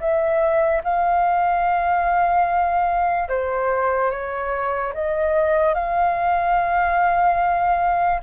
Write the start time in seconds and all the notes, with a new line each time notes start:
0.00 E5
0.84 F5
3.28 C5
4.11 C#5
4.94 D#5
5.74 F5